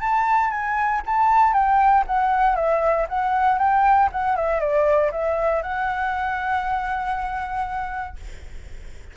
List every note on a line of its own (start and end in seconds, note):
0.00 0.50 A5
0.50 1.01 G#5
1.06 1.53 A5
1.53 2.04 G5
2.07 2.55 F#5
2.55 3.06 E5
3.09 3.58 F#5
3.58 4.09 G5
4.12 4.36 F#5
4.36 4.60 E5
4.60 5.11 D5
5.11 5.62 E5
5.62 8.16 F#5